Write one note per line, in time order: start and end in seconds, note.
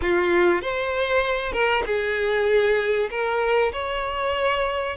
0.01 0.61 F4
0.61 1.52 C5
1.52 1.83 A#4
1.86 3.09 G#4
3.10 3.72 A#4
3.72 4.96 C#5